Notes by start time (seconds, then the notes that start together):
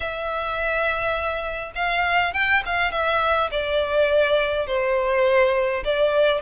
0.00 E5
1.75 F5
2.33 G5
2.65 F5
2.91 E5
3.51 D5
4.67 C5
5.84 D5